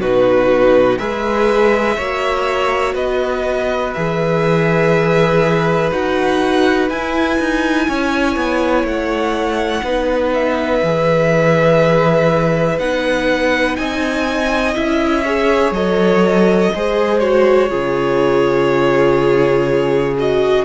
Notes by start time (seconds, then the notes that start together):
0.00 B2 D#4 F#4 B4
0.98 G#3 G#4 B4 E5
1.96 A#3 F#4 C#5
2.94 B3 B4 D#5
3.93 E3 G#4 E5
5.91 D#4 F#4 F#5
6.89 E4 G#5
7.39 D#4
7.88 C#4 C#5
8.36 B3
8.84 A3 F#5
9.83 B3 D#4 B4
10.34 E5
10.83 E3 G#4
12.78 B3 D#4 F#5
13.76 C4 D#5 G#5
14.74 C#4 E4 E5
15.24 G#4 C#5
15.71 F#3 A4 D#5
16.74 G#3 G#4 C5
17.19 F#4 C#5
17.69 C#3 F4 G#4
20.18 F#4 D#5